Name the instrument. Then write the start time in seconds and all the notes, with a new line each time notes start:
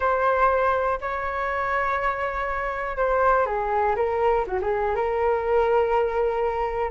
flute
0.00 C5
1.01 C#5
2.96 C5
3.46 G#4
3.95 A#4
4.47 F#4
4.61 G#4
4.95 A#4